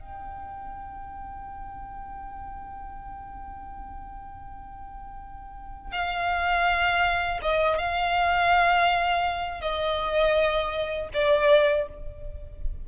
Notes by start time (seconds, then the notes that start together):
0.00 G5
5.92 F5
7.42 D#5
7.78 F5
9.61 D#5
11.14 D5